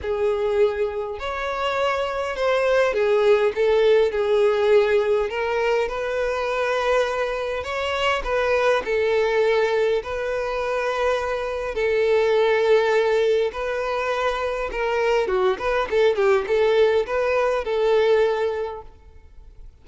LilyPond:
\new Staff \with { instrumentName = "violin" } { \time 4/4 \tempo 4 = 102 gis'2 cis''2 | c''4 gis'4 a'4 gis'4~ | gis'4 ais'4 b'2~ | b'4 cis''4 b'4 a'4~ |
a'4 b'2. | a'2. b'4~ | b'4 ais'4 fis'8 b'8 a'8 g'8 | a'4 b'4 a'2 | }